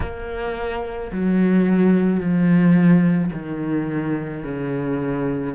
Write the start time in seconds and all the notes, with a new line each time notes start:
0.00 A#3
1.12 F#3
2.20 F3
3.33 D#3
4.44 C#3